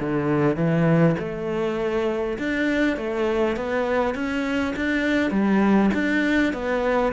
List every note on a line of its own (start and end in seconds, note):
0.00 0.56 D3
0.56 1.16 E3
1.19 2.38 A3
2.38 2.97 D4
2.97 3.56 A3
3.56 4.15 B3
4.15 4.74 C#4
4.76 5.31 D4
5.31 5.91 G3
5.94 6.53 D4
6.53 7.13 B3